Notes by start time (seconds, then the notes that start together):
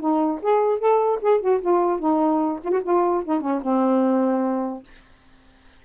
0.00 D#4
0.42 G#4
0.79 A4
1.22 G#4
1.41 F#4
1.61 F4
2.00 D#4
2.64 F4
2.71 F#4
2.83 F4
3.25 D#4
3.41 C#4
3.63 C4